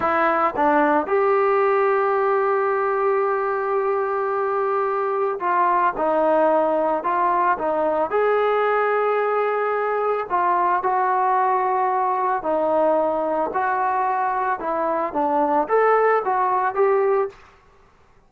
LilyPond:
\new Staff \with { instrumentName = "trombone" } { \time 4/4 \tempo 4 = 111 e'4 d'4 g'2~ | g'1~ | g'2 f'4 dis'4~ | dis'4 f'4 dis'4 gis'4~ |
gis'2. f'4 | fis'2. dis'4~ | dis'4 fis'2 e'4 | d'4 a'4 fis'4 g'4 | }